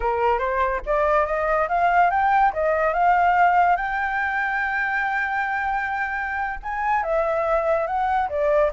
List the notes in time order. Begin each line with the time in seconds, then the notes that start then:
0.00 A#4
0.39 C5
0.85 D5
1.26 D#5
1.68 F5
2.10 G5
2.53 D#5
2.93 F5
3.76 G5
6.62 G#5
7.03 E5
7.87 F#5
8.29 D5